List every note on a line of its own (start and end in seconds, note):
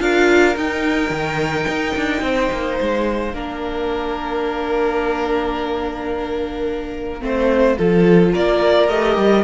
0.00 0.56 D4
0.00 0.56 F4
0.00 2.23 A#4
0.00 0.56 F5
0.56 3.33 D#4
0.56 1.10 D#4
0.56 2.78 G5
1.10 1.66 D#3
1.68 1.96 D#4
1.97 2.22 D4
2.22 2.49 C4
2.22 3.35 C5
2.52 2.80 A#3
2.78 3.34 G#3
2.78 8.34 F5
3.34 7.22 A#3
3.34 7.21 D4
3.34 7.23 A#4
7.21 7.77 A3
7.21 7.76 C4
7.21 7.78 C5
7.78 8.35 F3
7.78 8.90 F4
7.78 8.33 A4
8.33 8.89 A#3
8.33 9.44 A#4
8.33 8.89 D5
8.89 9.17 A3
8.89 9.44 G4
8.89 9.44 D#5
9.17 9.44 G3